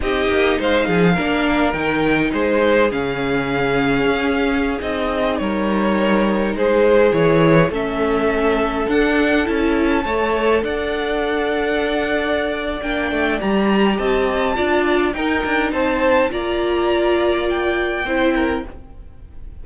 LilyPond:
<<
  \new Staff \with { instrumentName = "violin" } { \time 4/4 \tempo 4 = 103 dis''4 f''2 g''4 | c''4 f''2.~ | f''16 dis''4 cis''2 c''8.~ | c''16 cis''4 e''2 fis''8.~ |
fis''16 a''2 fis''4.~ fis''16~ | fis''2 g''4 ais''4 | a''2 g''4 a''4 | ais''2 g''2 | }
  \new Staff \with { instrumentName = "violin" } { \time 4/4 g'4 c''8 gis'8 ais'2 | gis'1~ | gis'4~ gis'16 ais'2 gis'8.~ | gis'4~ gis'16 a'2~ a'8.~ |
a'4~ a'16 cis''4 d''4.~ d''16~ | d''1 | dis''4 d''4 ais'4 c''4 | d''2. c''8 ais'8 | }
  \new Staff \with { instrumentName = "viola" } { \time 4/4 dis'2 d'4 dis'4~ | dis'4 cis'2.~ | cis'16 dis'2.~ dis'8.~ | dis'16 e'4 cis'2 d'8.~ |
d'16 e'4 a'2~ a'8.~ | a'2 d'4 g'4~ | g'4 f'4 dis'2 | f'2. e'4 | }
  \new Staff \with { instrumentName = "cello" } { \time 4/4 c'8 ais8 gis8 f8 ais4 dis4 | gis4 cis2 cis'4~ | cis'16 c'4 g2 gis8.~ | gis16 e4 a2 d'8.~ |
d'16 cis'4 a4 d'4.~ d'16~ | d'2 ais8 a8 g4 | c'4 d'4 dis'8 d'8 c'4 | ais2. c'4 | }
>>